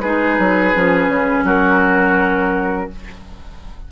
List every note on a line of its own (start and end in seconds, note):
0.00 0.39 G#3
0.00 0.74 D#4
0.00 1.45 G#4
0.00 1.45 B4
0.39 0.75 F#3
0.74 1.08 F3
0.74 2.91 C#4
1.08 1.44 C#3
1.44 2.88 F#3
1.44 2.89 F#4
1.44 2.91 A#4